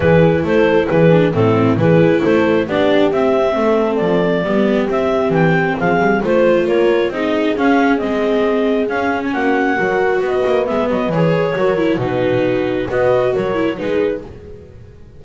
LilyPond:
<<
  \new Staff \with { instrumentName = "clarinet" } { \time 4/4 \tempo 4 = 135 b'4 c''4 b'4 a'4 | b'4 c''4 d''4 e''4~ | e''4 d''2 e''4 | g''4 f''4 c''4 cis''4 |
dis''4 f''4 dis''2 | f''8. gis''16 fis''2 dis''4 | e''8 dis''8 cis''2 b'4~ | b'4 dis''4 cis''4 b'4 | }
  \new Staff \with { instrumentName = "horn" } { \time 4/4 gis'4 a'4 gis'4 e'4 | gis'4 a'4 g'2 | a'2 g'2~ | g'4 gis'4 c''4 ais'4 |
gis'1~ | gis'4 fis'4 ais'4 b'4~ | b'2 ais'4 fis'4~ | fis'4 b'4 ais'4 gis'4 | }
  \new Staff \with { instrumentName = "viola" } { \time 4/4 e'2~ e'8 d'8 c'4 | e'2 d'4 c'4~ | c'2 b4 c'4~ | c'2 f'2 |
dis'4 cis'4 c'2 | cis'2 fis'2 | b4 gis'4 fis'8 e'8 dis'4~ | dis'4 fis'4. e'8 dis'4 | }
  \new Staff \with { instrumentName = "double bass" } { \time 4/4 e4 a4 e4 a,4 | e4 a4 b4 c'4 | a4 f4 g4 c'4 | e4 f8 g8 a4 ais4 |
c'4 cis'4 gis2 | cis'4 ais4 fis4 b8 ais8 | gis8 fis8 e4 fis4 b,4~ | b,4 b4 fis4 gis4 | }
>>